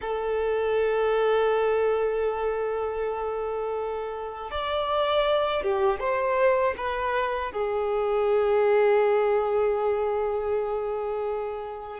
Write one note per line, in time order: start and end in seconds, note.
0.01 4.50 A4
4.50 5.62 D5
5.62 5.99 G4
5.99 6.74 C5
6.77 7.51 B4
7.51 12.00 G#4